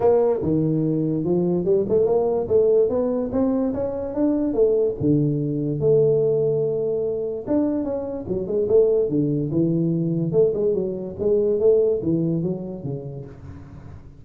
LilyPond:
\new Staff \with { instrumentName = "tuba" } { \time 4/4 \tempo 4 = 145 ais4 dis2 f4 | g8 a8 ais4 a4 b4 | c'4 cis'4 d'4 a4 | d2 a2~ |
a2 d'4 cis'4 | fis8 gis8 a4 d4 e4~ | e4 a8 gis8 fis4 gis4 | a4 e4 fis4 cis4 | }